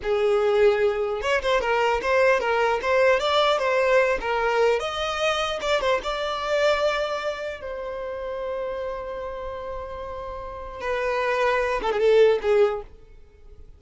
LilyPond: \new Staff \with { instrumentName = "violin" } { \time 4/4 \tempo 4 = 150 gis'2. cis''8 c''8 | ais'4 c''4 ais'4 c''4 | d''4 c''4. ais'4. | dis''2 d''8 c''8 d''4~ |
d''2. c''4~ | c''1~ | c''2. b'4~ | b'4. a'16 gis'16 a'4 gis'4 | }